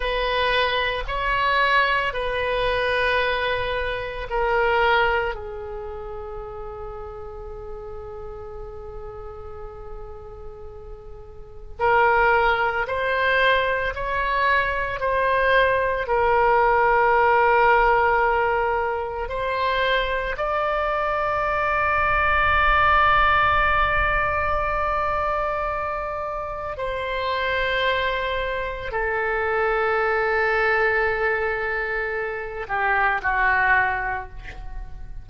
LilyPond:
\new Staff \with { instrumentName = "oboe" } { \time 4/4 \tempo 4 = 56 b'4 cis''4 b'2 | ais'4 gis'2.~ | gis'2. ais'4 | c''4 cis''4 c''4 ais'4~ |
ais'2 c''4 d''4~ | d''1~ | d''4 c''2 a'4~ | a'2~ a'8 g'8 fis'4 | }